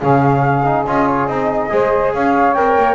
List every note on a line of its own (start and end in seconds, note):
0.00 0.87 C#3
0.00 0.64 C#4
0.00 1.70 G#4
0.00 0.86 F5
0.64 0.85 D#4
0.87 1.28 C#4
0.87 1.29 F4
0.87 1.08 D#5
1.08 1.27 C#5
1.27 1.70 C4
1.27 1.70 D#4
1.27 2.13 D#5
1.70 2.14 G#3
1.70 2.55 G#4
1.70 2.14 C5
2.14 2.56 C#4
2.14 2.96 C#5
2.14 2.54 F5
2.54 2.77 C4
2.54 2.96 A#4
2.54 2.96 G5
2.78 2.96 A#3